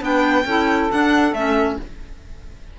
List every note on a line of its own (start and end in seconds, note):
0.00 0.45 B3
0.00 0.44 D4
0.00 0.45 B4
0.00 0.91 G5
0.45 0.89 C#4
0.45 0.91 E4
0.45 1.77 A4
0.91 1.35 D4
0.91 1.32 D4
0.91 1.34 F#5
1.32 1.76 A3
1.32 1.79 C#4
1.32 1.78 E5